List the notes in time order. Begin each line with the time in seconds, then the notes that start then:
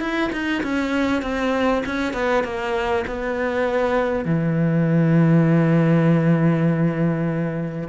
0.00 E4
0.32 D#4
0.63 C#4
1.22 C4
1.85 C#4
2.13 B3
2.44 A#3
3.06 B3
4.25 E3